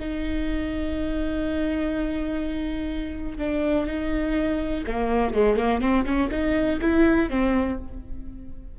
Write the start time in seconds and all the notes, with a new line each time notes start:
0.00 D#4
3.38 D4
3.87 D#4
4.87 A#3
5.35 G#3
5.57 A#3
5.81 C4
6.06 C#4
6.31 D#4
6.82 E4
7.30 C4